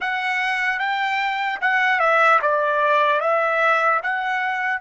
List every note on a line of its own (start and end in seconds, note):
0.00 0.79 F#5
0.79 1.59 G5
1.60 1.99 F#5
1.99 2.39 E5
2.41 3.20 D5
3.20 4.00 E5
4.02 4.81 F#5